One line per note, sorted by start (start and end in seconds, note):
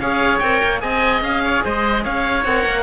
0.00 0.41 C#4
0.00 0.44 G#4
0.00 0.82 C#5
0.00 0.39 F5
0.39 0.62 C4
0.39 0.79 A#4
0.39 0.80 G5
0.63 0.83 A#3
0.79 1.22 C4
0.79 2.43 G#4
0.79 1.44 D#5
0.79 1.23 G#5
1.22 1.62 C#4
1.22 1.64 F5
1.45 1.65 C#5
1.64 2.06 G#3
1.64 2.04 C5
1.64 2.05 D#5
2.04 2.45 C#4
2.04 2.83 C#5
2.04 2.45 F5
2.45 2.66 C4
2.45 2.83 A#4
2.45 2.83 F#5
2.66 2.83 A#3